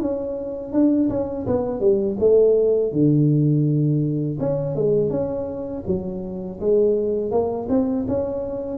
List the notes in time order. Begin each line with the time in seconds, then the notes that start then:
0.00 C#4
0.73 D4
1.10 C#4
1.47 B3
1.80 G3
2.20 A3
2.92 D3
4.40 C#4
4.76 G#3
5.11 C#4
5.87 F#3
6.60 G#3
7.31 A#3
7.69 C4
8.08 C#4